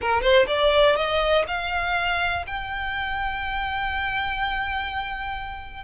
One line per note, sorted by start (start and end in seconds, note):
0.01 0.21 A#4
0.21 0.45 C5
0.47 0.96 D5
0.96 1.44 D#5
1.47 2.45 F5
2.46 5.84 G5